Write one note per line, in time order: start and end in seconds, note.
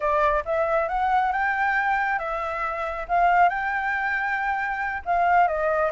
0.00 0.43 D5
0.45 0.88 E5
0.88 1.32 F#5
1.32 2.19 G5
2.19 3.06 E5
3.08 3.49 F5
3.49 5.02 G5
5.05 5.47 F5
5.47 5.91 D#5